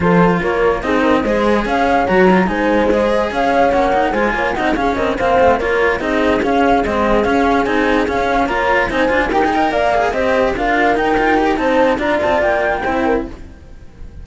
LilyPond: <<
  \new Staff \with { instrumentName = "flute" } { \time 4/4 \tempo 4 = 145 c''4 cis''4 dis''2 | f''4 ais''4 gis''4 dis''4 | f''4 fis''4 gis''4 fis''8 f''8 | dis''8 f''4 cis''4 dis''4 f''8~ |
f''8 dis''4 f''4 gis''4 f''8~ | f''8 ais''4 gis''4 g''4 f''8~ | f''8 dis''4 f''4 g''4. | a''4 ais''8 a''8 g''2 | }
  \new Staff \with { instrumentName = "horn" } { \time 4/4 a'4 ais'4 gis'8 ais'8 c''4 | cis''2 c''2 | cis''2 c''8 cis''8 dis''8 gis'8 | ais'8 c''4 ais'4 gis'4.~ |
gis'1~ | gis'8 cis''4 c''4 ais'8 dis''8 d''8~ | d''8 c''4 ais'2~ ais'8 | c''4 d''2 c''8 ais'8 | }
  \new Staff \with { instrumentName = "cello" } { \time 4/4 f'2 dis'4 gis'4~ | gis'4 fis'8 f'8 dis'4 gis'4~ | gis'4 cis'8 dis'8 f'4 dis'8 cis'8~ | cis'8 c'4 f'4 dis'4 cis'8~ |
cis'8 c'4 cis'4 dis'4 cis'8~ | cis'8 f'4 dis'8 f'8 g'16 gis'16 ais'4 | gis'8 g'4 f'4 dis'8 f'8 g'8 | dis'4 f'2 e'4 | }
  \new Staff \with { instrumentName = "cello" } { \time 4/4 f4 ais4 c'4 gis4 | cis'4 fis4 gis2 | cis'4 ais4 gis8 ais8 c'8 cis'8 | c'8 ais8 a8 ais4 c'4 cis'8~ |
cis'8 gis4 cis'4 c'4 cis'8~ | cis'8 ais4 c'8 d'8 dis'4 ais8~ | ais8 c'4 d'4 dis'4. | c'4 d'8 c'8 ais4 c'4 | }
>>